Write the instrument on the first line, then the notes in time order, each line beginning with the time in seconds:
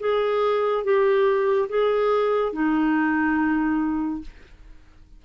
clarinet
0.00 G#4
0.85 G4
1.69 G#4
2.53 D#4